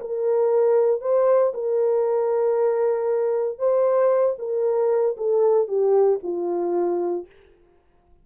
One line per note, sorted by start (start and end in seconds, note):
0.00 1.01 A#4
1.01 1.53 C5
1.54 3.58 A#4
3.58 4.36 C5
4.38 5.16 A#4
5.17 5.67 A4
5.67 6.19 G4
6.22 7.26 F4